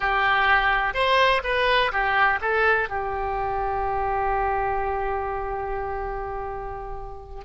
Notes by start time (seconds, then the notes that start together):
0.00 G4
0.94 C5
1.43 B4
1.91 G4
2.41 A4
2.89 G4